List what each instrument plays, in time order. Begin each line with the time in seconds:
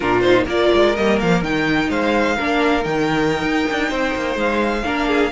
0.00 cello A#2, viola D4, violin F4 A#4
0.20 viola D#4, violin C5
0.45 cello A#3, viola F4, violin A#4 D5
0.74 cello G#3
0.95 cello G3, viola A#3, violin D#5
1.19 cello F3, violin F5
1.42 cello D#3, viola D#4, violin G5
1.89 cello G#3, violin C5 F5
2.36 cello A#3, viola D4, violin A#4
2.83 cello D#3, viola D#4, violin G5
3.42 cello D#4
3.70 cello D4
3.89 cello C4, violin C5
4.15 cello A#3
4.35 cello G#3, violin F5
4.84 cello A#3, viola D4, violin A#4
5.07 violin G#4